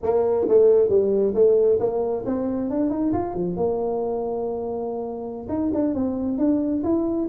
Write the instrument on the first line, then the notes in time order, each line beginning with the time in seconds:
tuba
0.02 A#3
0.48 A3
0.89 G3
1.34 A3
1.79 A#3
2.25 C4
2.70 D4
2.90 D#4
3.12 F4
3.34 F3
3.56 A#3
5.49 D#4
5.73 D4
5.94 C4
6.38 D4
6.83 E4